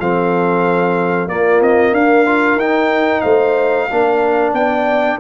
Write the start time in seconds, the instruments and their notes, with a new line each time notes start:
0.00 tuba F3, trombone C4, horn A4, trumpet F5
1.28 tuba A#3, trombone A#3, horn F4, trumpet D5
1.61 tuba C4, trumpet D#5
1.92 tuba D4, horn A#4, trumpet F5
2.26 trombone F4
2.56 tuba D#4, trombone D#4, trumpet G5
3.21 tuba A3, horn C5, trumpet F5
3.91 tuba A#3, trombone D4, horn A#4
4.53 tuba B3, horn D5, trumpet G5